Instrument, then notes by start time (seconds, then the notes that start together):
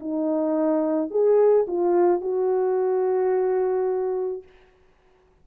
horn
0.00 D#4
1.11 G#4
1.67 F4
2.21 F#4